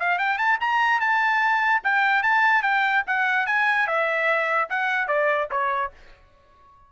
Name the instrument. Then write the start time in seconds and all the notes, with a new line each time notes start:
trumpet
0.00 F5
0.19 G5
0.38 A5
0.61 A#5
1.01 A5
1.84 G5
2.23 A5
2.63 G5
3.07 F#5
3.47 G#5
3.87 E5
4.70 F#5
5.08 D5
5.51 C#5